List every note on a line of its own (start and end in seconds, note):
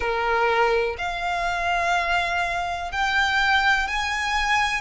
0.00 0.96 A#4
0.98 2.91 F5
2.91 3.87 G5
3.87 4.81 G#5